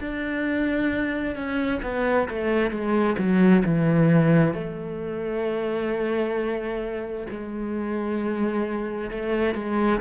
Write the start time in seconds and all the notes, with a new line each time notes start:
0.00 D4
1.35 C#4
1.82 B3
2.28 A3
2.70 G#3
3.18 F#3
3.64 E3
4.54 A3
7.30 G#3
9.10 A3
9.55 G#3